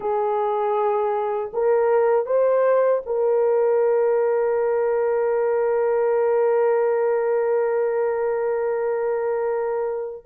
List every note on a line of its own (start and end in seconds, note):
0.00 1.51 G#4
1.53 2.25 A#4
2.25 3.01 C5
3.06 10.25 A#4